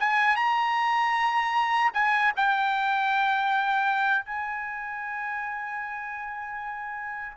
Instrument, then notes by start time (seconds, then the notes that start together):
trumpet
0.00 G#5
0.36 A#5
1.94 G#5
2.37 G5
4.25 G#5